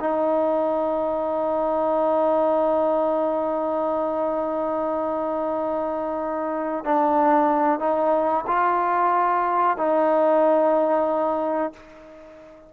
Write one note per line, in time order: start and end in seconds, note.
0.00 6.85 D#4
6.85 7.79 D4
7.79 8.45 D#4
8.47 9.77 F4
9.77 11.73 D#4